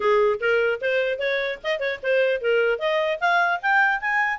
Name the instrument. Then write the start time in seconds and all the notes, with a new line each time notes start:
clarinet
0.00 G#4
0.40 A#4
0.81 C5
1.18 C#5
1.63 D#5
1.79 C#5
2.02 C5
2.41 A#4
2.79 D#5
3.20 F5
3.62 G5
4.01 G#5